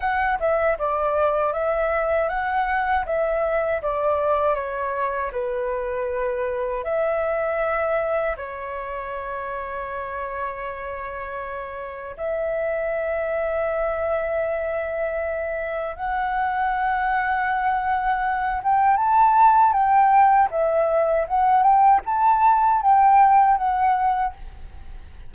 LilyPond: \new Staff \with { instrumentName = "flute" } { \time 4/4 \tempo 4 = 79 fis''8 e''8 d''4 e''4 fis''4 | e''4 d''4 cis''4 b'4~ | b'4 e''2 cis''4~ | cis''1 |
e''1~ | e''4 fis''2.~ | fis''8 g''8 a''4 g''4 e''4 | fis''8 g''8 a''4 g''4 fis''4 | }